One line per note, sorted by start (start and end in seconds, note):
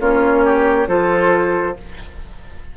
0.00 0.88 A#3
0.00 0.88 C#4
0.00 0.45 F4
0.00 0.89 C#5
0.45 0.89 G4
0.88 1.76 F3
0.88 1.76 F4
0.88 1.77 A4
0.88 1.77 C5